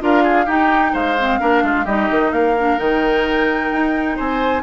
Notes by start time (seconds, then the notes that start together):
0.00 D4 F4 A#4 F5
0.24 G#4
0.46 D#4 G4 G5
0.93 G#3 C5 F5
1.19 C4
1.40 A#3 D4 A#4
1.63 G#3 F4
1.85 G3 D#4 G4 D#5
2.11 D#3
2.32 A#3 A#4 F5
2.59 D4
2.78 D#3 D#4 G5
3.72 D#4
4.17 C4 C5 G#5